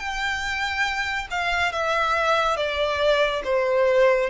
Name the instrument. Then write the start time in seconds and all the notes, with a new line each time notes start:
violin
0.00 G5
1.31 F5
1.73 E5
2.57 D5
3.45 C5